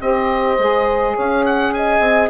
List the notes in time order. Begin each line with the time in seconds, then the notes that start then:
0.00 C4 G4 C5 D#5
0.58 G#3 G#4
1.16 C#4 C#5 F5
1.45 F#5
1.73 D#5 G#5
2.00 C4